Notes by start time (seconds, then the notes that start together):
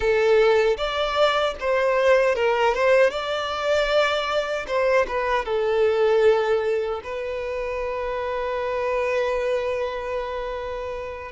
0.00 A4
0.77 D5
1.59 C5
2.35 A#4
2.74 C5
3.10 D5
4.67 C5
5.07 B4
5.45 A4
7.03 B4